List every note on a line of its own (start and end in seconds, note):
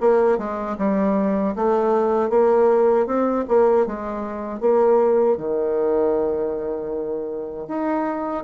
0.00 0.38 A#3
0.38 0.76 G#3
0.78 1.55 G3
1.55 2.29 A3
2.29 3.06 A#3
3.06 3.44 C4
3.48 3.86 A#3
3.86 4.60 G#3
4.60 5.37 A#3
5.37 7.67 D#3
7.67 8.44 D#4